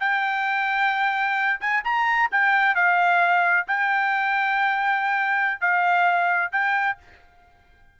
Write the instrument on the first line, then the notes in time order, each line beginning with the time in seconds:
trumpet
0.00 G5
1.61 G#5
1.84 A#5
2.32 G5
2.75 F5
3.67 G5
5.60 F5
6.52 G5